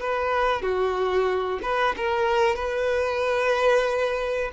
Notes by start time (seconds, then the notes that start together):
0.00 B4
0.62 F#4
1.62 B4
1.97 A#4
2.56 B4